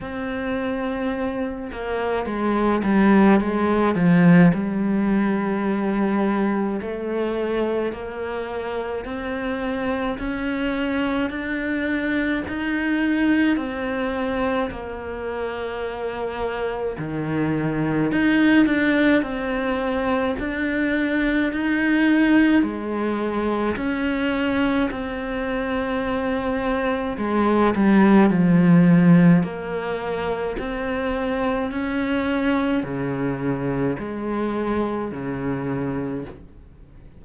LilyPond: \new Staff \with { instrumentName = "cello" } { \time 4/4 \tempo 4 = 53 c'4. ais8 gis8 g8 gis8 f8 | g2 a4 ais4 | c'4 cis'4 d'4 dis'4 | c'4 ais2 dis4 |
dis'8 d'8 c'4 d'4 dis'4 | gis4 cis'4 c'2 | gis8 g8 f4 ais4 c'4 | cis'4 cis4 gis4 cis4 | }